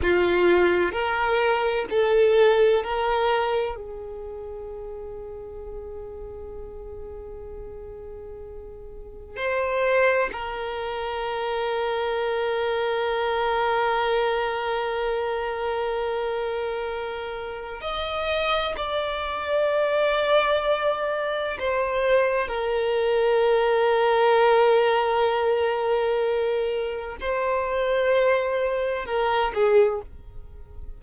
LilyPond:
\new Staff \with { instrumentName = "violin" } { \time 4/4 \tempo 4 = 64 f'4 ais'4 a'4 ais'4 | gis'1~ | gis'2 c''4 ais'4~ | ais'1~ |
ais'2. dis''4 | d''2. c''4 | ais'1~ | ais'4 c''2 ais'8 gis'8 | }